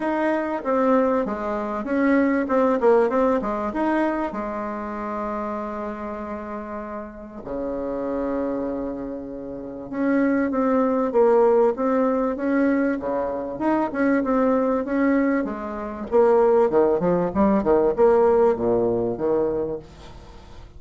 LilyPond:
\new Staff \with { instrumentName = "bassoon" } { \time 4/4 \tempo 4 = 97 dis'4 c'4 gis4 cis'4 | c'8 ais8 c'8 gis8 dis'4 gis4~ | gis1 | cis1 |
cis'4 c'4 ais4 c'4 | cis'4 cis4 dis'8 cis'8 c'4 | cis'4 gis4 ais4 dis8 f8 | g8 dis8 ais4 ais,4 dis4 | }